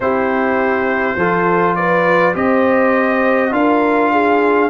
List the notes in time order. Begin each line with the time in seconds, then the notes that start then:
0.00 C4 E4 G4 C5
1.15 F3 F4 A4
1.75 B4 D5
2.34 C4 G4 C5 D#5
3.51 D4 F4 A#4 F5
4.11 G#4